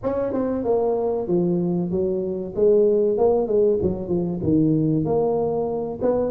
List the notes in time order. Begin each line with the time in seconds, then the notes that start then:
0.03 C#4
0.32 C4
0.64 A#3
1.27 F3
1.90 F#3
2.55 G#3
3.18 A#3
3.47 G#3
3.82 F#3
4.08 F3
4.42 D#3
5.04 A#3
6.01 B3